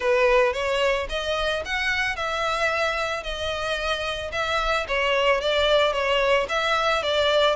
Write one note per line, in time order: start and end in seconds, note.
0.00 0.53 B4
0.53 1.07 C#5
1.09 1.63 D#5
1.65 2.16 F#5
2.16 3.23 E5
3.23 4.31 D#5
4.32 4.86 E5
4.88 5.40 C#5
5.40 5.92 D5
5.92 6.46 C#5
6.48 7.02 E5
7.02 7.55 D5